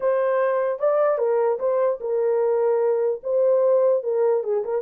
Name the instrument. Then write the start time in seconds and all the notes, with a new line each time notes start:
horn
0.00 C5
0.79 D5
1.18 A#4
1.59 C5
2.00 A#4
3.23 C5
4.03 A#4
4.43 G#4
4.64 A#4